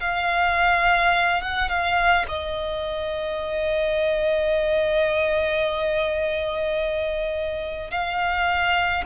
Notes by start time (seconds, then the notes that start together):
0.00 F5
1.42 F#5
1.69 F5
2.28 D#5
7.91 F5